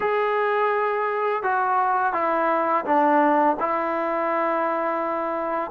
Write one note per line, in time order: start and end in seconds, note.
0.00 1.42 G#4
1.42 2.13 F#4
2.13 2.84 E4
2.85 3.56 D4
3.59 5.71 E4